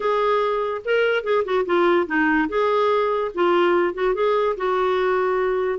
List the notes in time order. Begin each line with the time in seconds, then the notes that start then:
0.00 G#4
0.84 A#4
1.23 G#4
1.44 F#4
1.65 F4
2.07 D#4
2.48 G#4
3.34 F4
3.94 F#4
4.14 G#4
4.56 F#4